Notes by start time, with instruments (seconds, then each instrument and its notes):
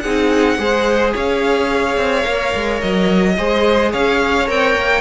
0.00 cello C4, viola D#4, violin G#4 F#5
0.58 cello G#3, viola G#4, violin C5
1.13 cello C#4, violin C#5 F5
1.97 cello C4
2.23 cello A#3, viola A#4
2.54 cello G#3
2.81 cello F#3, violin D#5
3.37 cello G#3, viola G#4, violin C5
3.92 cello C#4, violin C#5 F5
4.47 cello C4, viola A#4, violin G5
4.75 cello A#3